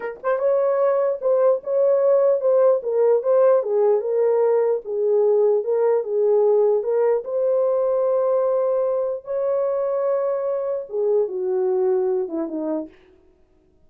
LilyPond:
\new Staff \with { instrumentName = "horn" } { \time 4/4 \tempo 4 = 149 ais'8 c''8 cis''2 c''4 | cis''2 c''4 ais'4 | c''4 gis'4 ais'2 | gis'2 ais'4 gis'4~ |
gis'4 ais'4 c''2~ | c''2. cis''4~ | cis''2. gis'4 | fis'2~ fis'8 e'8 dis'4 | }